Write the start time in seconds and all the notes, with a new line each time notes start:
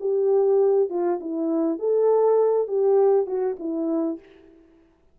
0.00 G4
0.89 F4
1.20 E4
1.79 A4
2.68 G4
3.26 F#4
3.59 E4